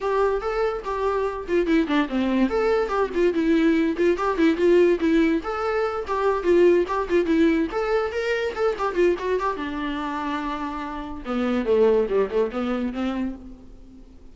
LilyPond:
\new Staff \with { instrumentName = "viola" } { \time 4/4 \tempo 4 = 144 g'4 a'4 g'4. f'8 | e'8 d'8 c'4 a'4 g'8 f'8 | e'4. f'8 g'8 e'8 f'4 | e'4 a'4. g'4 f'8~ |
f'8 g'8 f'8 e'4 a'4 ais'8~ | ais'8 a'8 g'8 f'8 fis'8 g'8 d'4~ | d'2. b4 | a4 g8 a8 b4 c'4 | }